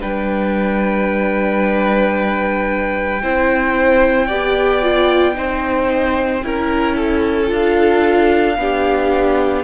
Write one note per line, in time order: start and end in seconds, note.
0.00 3.23 G3
0.00 3.21 D4
0.00 3.22 B4
0.00 7.52 G5
3.22 4.30 C4
3.22 4.29 E4
3.22 4.26 C5
4.26 5.37 B3
4.26 4.82 G4
4.26 5.33 D5
4.82 5.34 F4
5.34 6.44 C4
5.34 6.41 D#4
5.34 6.44 C5
6.43 7.50 C#4
6.43 7.47 E4
6.43 6.96 A#4
6.96 8.56 A4
7.47 8.57 D4
7.47 8.54 F4
7.47 9.63 F5
8.57 9.63 B3
8.57 9.63 D4
8.57 9.63 G4